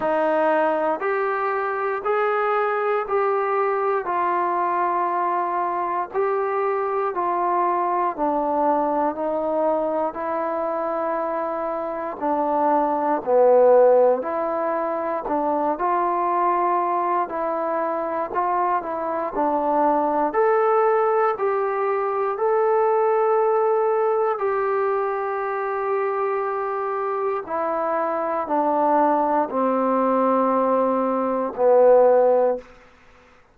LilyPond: \new Staff \with { instrumentName = "trombone" } { \time 4/4 \tempo 4 = 59 dis'4 g'4 gis'4 g'4 | f'2 g'4 f'4 | d'4 dis'4 e'2 | d'4 b4 e'4 d'8 f'8~ |
f'4 e'4 f'8 e'8 d'4 | a'4 g'4 a'2 | g'2. e'4 | d'4 c'2 b4 | }